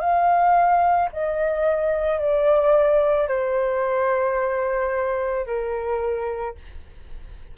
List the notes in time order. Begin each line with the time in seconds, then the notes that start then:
0.00 F5
1.13 D#5
2.19 D5
3.28 C5
5.46 A#4